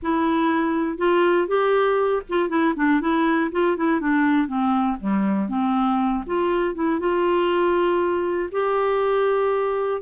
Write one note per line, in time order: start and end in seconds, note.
0.02 0.97 E4
0.97 1.47 F4
1.47 2.22 G4
2.29 2.49 F4
2.49 2.74 E4
2.75 3.00 D4
3.00 3.50 E4
3.51 3.76 F4
3.76 4.00 E4
4.00 4.47 D4
4.47 4.97 C4
5.00 5.48 G3
5.48 6.23 C4
6.26 6.74 F4
6.74 6.99 E4
6.99 8.49 F4
8.51 10.01 G4